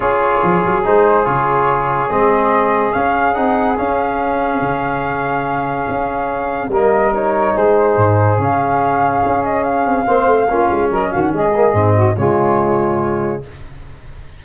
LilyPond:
<<
  \new Staff \with { instrumentName = "flute" } { \time 4/4 \tempo 4 = 143 cis''2 c''4 cis''4~ | cis''4 dis''2 f''4 | fis''4 f''2.~ | f''1 |
dis''4 cis''4 c''2 | f''2~ f''8 dis''8 f''4~ | f''2 dis''8 f''16 fis''16 dis''4~ | dis''4 cis''2. | }
  \new Staff \with { instrumentName = "saxophone" } { \time 4/4 gis'1~ | gis'1~ | gis'1~ | gis'1 |
ais'2 gis'2~ | gis'1 | c''4 f'4 ais'8 fis'8 gis'4~ | gis'8 fis'8 f'2. | }
  \new Staff \with { instrumentName = "trombone" } { \time 4/4 f'2 dis'4 f'4~ | f'4 c'2 cis'4 | dis'4 cis'2.~ | cis'1 |
ais4 dis'2. | cis'1 | c'4 cis'2~ cis'8 ais8 | c'4 gis2. | }
  \new Staff \with { instrumentName = "tuba" } { \time 4/4 cis'4 f8 fis8 gis4 cis4~ | cis4 gis2 cis'4 | c'4 cis'2 cis4~ | cis2 cis'2 |
g2 gis4 gis,4 | cis2 cis'4. c'8 | ais8 a8 ais8 gis8 fis8 dis8 gis4 | gis,4 cis2. | }
>>